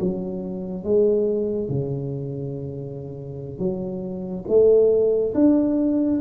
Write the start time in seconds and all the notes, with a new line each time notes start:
0.00 F#3
0.84 G#3
1.69 C#3
3.59 F#3
4.48 A3
5.35 D4